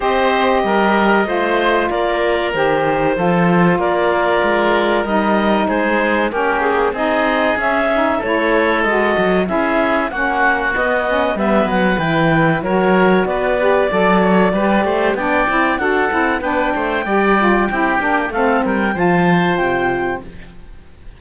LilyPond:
<<
  \new Staff \with { instrumentName = "clarinet" } { \time 4/4 \tempo 4 = 95 dis''2. d''4 | c''2 d''2 | dis''4 c''4 ais'8 gis'8 dis''4 | e''4 cis''4 dis''4 e''4 |
fis''4 dis''4 e''8 fis''8 g''4 | cis''4 d''2. | g''4 fis''4 g''2~ | g''4 f''8 g''8 a''4 g''4 | }
  \new Staff \with { instrumentName = "oboe" } { \time 4/4 c''4 ais'4 c''4 ais'4~ | ais'4 a'4 ais'2~ | ais'4 gis'4 g'4 gis'4~ | gis'4 a'2 gis'4 |
fis'2 b'2 | ais'4 b'4 d''8 cis''8 b'8 c''8 | d''4 a'4 b'8 c''8 d''4 | g'4 a'8 ais'8 c''2 | }
  \new Staff \with { instrumentName = "saxophone" } { \time 4/4 g'2 f'2 | g'4 f'2. | dis'2 cis'4 dis'4 | cis'8 dis'8 e'4 fis'4 e'4 |
cis'4 b8 cis'8 b4 e'4 | fis'4. g'8 a'4 g'4 | d'8 e'8 fis'8 e'8 d'4 g'8 f'8 | e'8 d'8 c'4 f'2 | }
  \new Staff \with { instrumentName = "cello" } { \time 4/4 c'4 g4 a4 ais4 | dis4 f4 ais4 gis4 | g4 gis4 ais4 c'4 | cis'4 a4 gis8 fis8 cis'4 |
ais4 b4 g8 fis8 e4 | fis4 b4 fis4 g8 a8 | b8 c'8 d'8 c'8 b8 a8 g4 | c'8 ais8 a8 g8 f4 c4 | }
>>